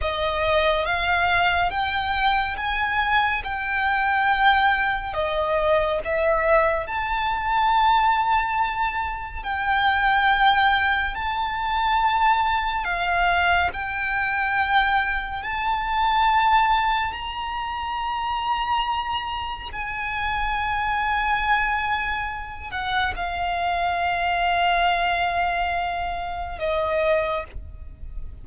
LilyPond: \new Staff \with { instrumentName = "violin" } { \time 4/4 \tempo 4 = 70 dis''4 f''4 g''4 gis''4 | g''2 dis''4 e''4 | a''2. g''4~ | g''4 a''2 f''4 |
g''2 a''2 | ais''2. gis''4~ | gis''2~ gis''8 fis''8 f''4~ | f''2. dis''4 | }